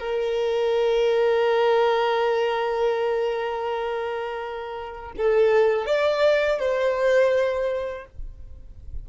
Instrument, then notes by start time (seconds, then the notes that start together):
violin
0.00 A#4
5.17 A4
5.87 D5
6.60 C5